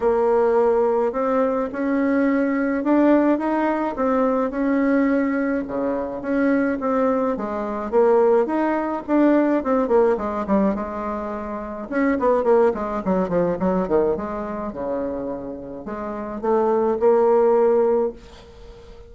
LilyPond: \new Staff \with { instrumentName = "bassoon" } { \time 4/4 \tempo 4 = 106 ais2 c'4 cis'4~ | cis'4 d'4 dis'4 c'4 | cis'2 cis4 cis'4 | c'4 gis4 ais4 dis'4 |
d'4 c'8 ais8 gis8 g8 gis4~ | gis4 cis'8 b8 ais8 gis8 fis8 f8 | fis8 dis8 gis4 cis2 | gis4 a4 ais2 | }